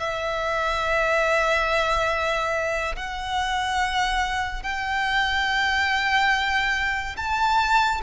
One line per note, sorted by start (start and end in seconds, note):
0.00 2.96 E5
2.96 4.63 F#5
4.63 7.16 G5
7.17 8.02 A5